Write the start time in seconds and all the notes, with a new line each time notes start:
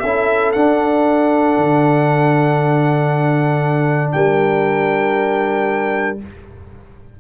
0.00 C#4 E4 A4 E5
0.52 D4 F#5
1.57 D3
4.12 G3 A#4 G5